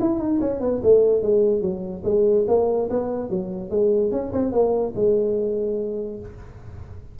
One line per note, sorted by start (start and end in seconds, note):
0.00 0.19 E4
0.19 0.39 D#4
0.40 0.60 C#4
0.60 0.81 B3
0.83 1.22 A3
1.22 1.61 G#3
1.61 2.03 F#3
2.04 2.45 G#3
2.48 2.89 A#3
2.89 3.30 B3
3.30 3.70 F#3
3.70 4.11 G#3
4.11 4.32 C#4
4.33 4.51 C4
4.51 4.93 A#3
4.95 6.19 G#3